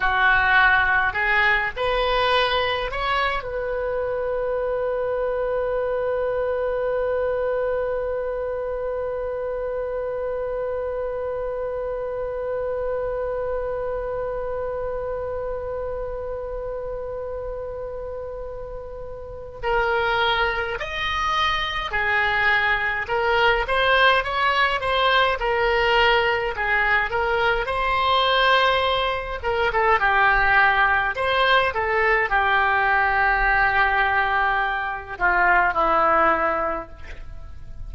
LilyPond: \new Staff \with { instrumentName = "oboe" } { \time 4/4 \tempo 4 = 52 fis'4 gis'8 b'4 cis''8 b'4~ | b'1~ | b'1~ | b'1~ |
b'4 ais'4 dis''4 gis'4 | ais'8 c''8 cis''8 c''8 ais'4 gis'8 ais'8 | c''4. ais'16 a'16 g'4 c''8 a'8 | g'2~ g'8 f'8 e'4 | }